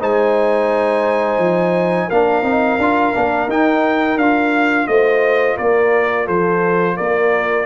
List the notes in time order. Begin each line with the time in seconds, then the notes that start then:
0.00 G#3 D#4 C5 G#5
1.39 F3
2.09 A#3 D4 A#4 F5
2.43 C4 D#4
2.78 D4 F4
3.14 A#3 D4
3.48 D#4 G5
4.17 D4 F4 F5
4.88 A3 C5 D#5
5.57 A#3 A#4 D5
6.26 F3 A4 C5
6.97 A#3 A#4 D5